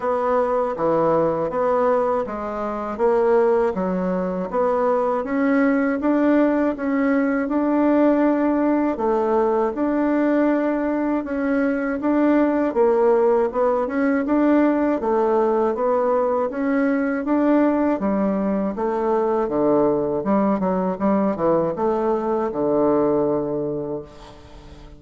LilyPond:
\new Staff \with { instrumentName = "bassoon" } { \time 4/4 \tempo 4 = 80 b4 e4 b4 gis4 | ais4 fis4 b4 cis'4 | d'4 cis'4 d'2 | a4 d'2 cis'4 |
d'4 ais4 b8 cis'8 d'4 | a4 b4 cis'4 d'4 | g4 a4 d4 g8 fis8 | g8 e8 a4 d2 | }